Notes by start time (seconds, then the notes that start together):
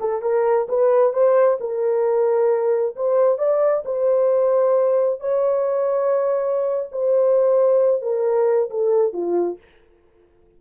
0.00 A4
0.21 A#4
0.68 B4
1.13 C5
1.60 A#4
2.95 C5
3.38 D5
3.84 C5
5.20 C#5
6.91 C5
8.02 A#4
8.70 A4
9.13 F4